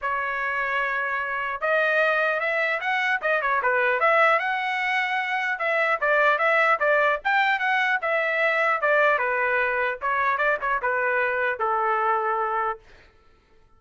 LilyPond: \new Staff \with { instrumentName = "trumpet" } { \time 4/4 \tempo 4 = 150 cis''1 | dis''2 e''4 fis''4 | dis''8 cis''8 b'4 e''4 fis''4~ | fis''2 e''4 d''4 |
e''4 d''4 g''4 fis''4 | e''2 d''4 b'4~ | b'4 cis''4 d''8 cis''8 b'4~ | b'4 a'2. | }